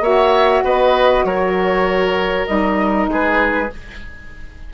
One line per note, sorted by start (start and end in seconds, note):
0.00 0.61 A#3
0.00 2.47 F#4
0.00 0.64 C#5
0.00 0.64 E5
0.64 1.24 B3
0.64 1.25 B4
0.64 1.24 D#5
1.24 2.46 F#3
1.24 3.09 A#4
1.24 2.46 C#5
2.46 3.07 G3
2.46 3.69 D#4
2.46 3.08 D#5
3.07 3.69 G#3
3.07 3.73 G#4
3.07 3.73 B4